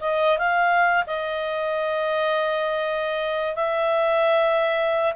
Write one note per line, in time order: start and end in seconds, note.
0.00 0.38 D#5
0.38 1.04 F5
1.07 3.55 D#5
3.55 5.13 E5